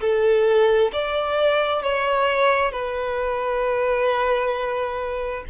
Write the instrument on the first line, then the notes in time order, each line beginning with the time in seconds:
violin
0.00 A4
0.92 D5
1.82 C#5
2.71 B4